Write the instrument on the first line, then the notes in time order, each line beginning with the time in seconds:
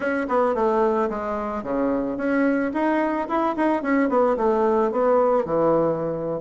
bassoon
0.00 C#4
0.28 B3
0.54 A3
1.09 G#3
1.63 C#3
2.17 C#4
2.73 D#4
3.28 E4
3.56 D#4
3.82 C#4
4.09 B3
4.37 A3
4.91 B3
5.45 E3